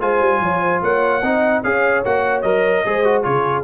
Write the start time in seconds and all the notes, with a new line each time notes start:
0.00 G#3 F4 C5 G#5
0.20 G3
0.40 F3 C#5
0.61 C5
0.82 A#3 C#5 F#5
1.22 C4 D#4 D#5
1.63 C#4 G#4 C#5 F5
2.04 A#3 F#4 F#5
2.41 F#3 A#4 D#5
2.85 G#3 G#4 C5
3.04 F#4
3.23 C#3 F4 G#4 C#5